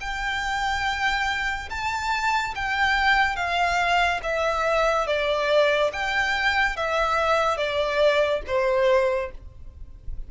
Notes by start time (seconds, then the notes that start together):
0.00 G5
1.70 A5
2.55 G5
3.36 F5
4.23 E5
5.06 D5
5.93 G5
6.76 E5
7.57 D5
8.47 C5